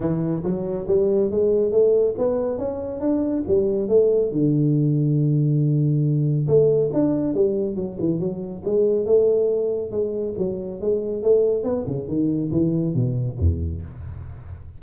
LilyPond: \new Staff \with { instrumentName = "tuba" } { \time 4/4 \tempo 4 = 139 e4 fis4 g4 gis4 | a4 b4 cis'4 d'4 | g4 a4 d2~ | d2. a4 |
d'4 g4 fis8 e8 fis4 | gis4 a2 gis4 | fis4 gis4 a4 b8 cis8 | dis4 e4 b,4 e,4 | }